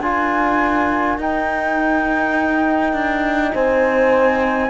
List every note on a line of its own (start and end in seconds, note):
0.00 1.18 D4
0.00 1.19 F4
0.00 3.54 A#4
0.00 1.18 G#5
1.18 2.92 D#4
1.18 4.69 D#4
1.18 3.54 G5
2.92 3.51 D4
3.54 4.69 C4
3.54 4.69 C5
3.54 4.69 G#5